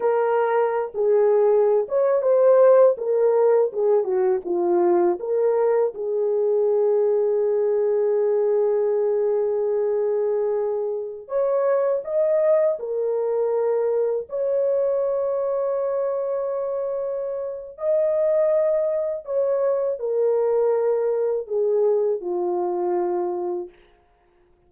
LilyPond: \new Staff \with { instrumentName = "horn" } { \time 4/4 \tempo 4 = 81 ais'4~ ais'16 gis'4~ gis'16 cis''8 c''4 | ais'4 gis'8 fis'8 f'4 ais'4 | gis'1~ | gis'2.~ gis'16 cis''8.~ |
cis''16 dis''4 ais'2 cis''8.~ | cis''1 | dis''2 cis''4 ais'4~ | ais'4 gis'4 f'2 | }